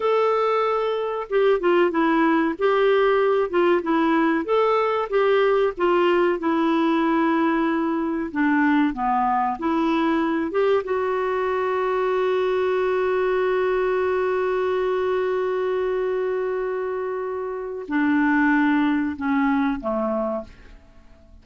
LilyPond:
\new Staff \with { instrumentName = "clarinet" } { \time 4/4 \tempo 4 = 94 a'2 g'8 f'8 e'4 | g'4. f'8 e'4 a'4 | g'4 f'4 e'2~ | e'4 d'4 b4 e'4~ |
e'8 g'8 fis'2.~ | fis'1~ | fis'1 | d'2 cis'4 a4 | }